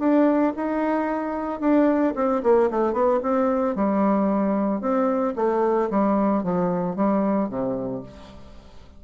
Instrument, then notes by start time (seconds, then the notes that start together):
bassoon
0.00 D4
0.56 D#4
1.61 D4
2.16 C4
2.43 A#3
2.71 A3
2.93 B3
3.23 C4
3.75 G3
4.81 C4
5.36 A3
5.91 G3
6.44 F3
6.96 G3
7.49 C3